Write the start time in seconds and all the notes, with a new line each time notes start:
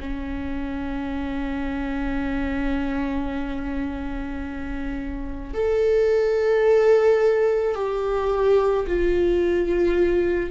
0.00 C#4
5.54 A4
7.75 G4
8.87 F4